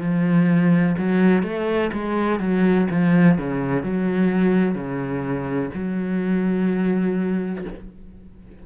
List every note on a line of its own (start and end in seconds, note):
0.00 0.95 F3
0.97 1.42 F#3
1.42 1.90 A3
1.93 2.39 G#3
2.39 2.87 F#3
2.90 3.38 F3
3.38 3.83 C#3
3.83 4.74 F#3
4.74 5.70 C#3
5.74 7.64 F#3